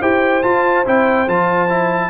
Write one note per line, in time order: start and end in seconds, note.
0.00 0.43 E4
0.00 0.42 G4
0.00 2.10 C5
0.00 0.42 G5
0.42 0.85 F4
0.42 0.86 F4
0.42 0.84 A5
0.86 1.27 C4
0.86 1.28 E4
0.86 1.28 G5
1.27 2.10 F3
1.27 1.69 F4
1.27 2.10 A5
1.69 2.10 E4